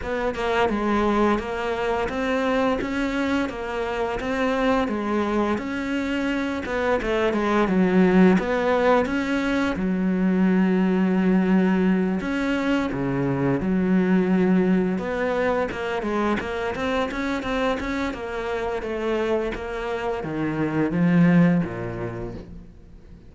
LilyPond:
\new Staff \with { instrumentName = "cello" } { \time 4/4 \tempo 4 = 86 b8 ais8 gis4 ais4 c'4 | cis'4 ais4 c'4 gis4 | cis'4. b8 a8 gis8 fis4 | b4 cis'4 fis2~ |
fis4. cis'4 cis4 fis8~ | fis4. b4 ais8 gis8 ais8 | c'8 cis'8 c'8 cis'8 ais4 a4 | ais4 dis4 f4 ais,4 | }